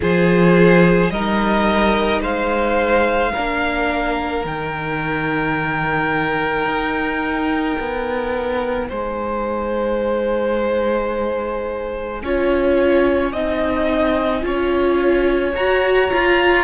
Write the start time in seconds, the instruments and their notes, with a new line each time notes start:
0.00 cello F3, viola F4, violin G#4 C5
1.09 cello G3, viola D#4, violin A#4 D#5
2.20 cello G#3, violin C5 F5
3.32 cello A#3, viola D4, violin A#4
4.44 cello D#3, viola D#4, violin G5
6.65 cello D#4
7.79 cello B3
8.88 cello G#3, violin C5 G#5
12.22 cello C#4, viola F4, violin C#5
13.32 cello C4, viola D#4, violin D#5
14.42 cello C#4, viola F4, violin C#5
15.55 cello F#4, viola F#4, violin A#5
16.10 viola F4, cello F4